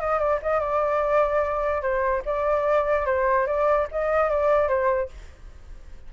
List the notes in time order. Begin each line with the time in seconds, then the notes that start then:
0.00 D#5
0.19 D5
0.42 D#5
0.60 D5
1.82 C5
2.25 D5
3.06 C5
3.47 D5
3.91 D#5
4.30 D5
4.68 C5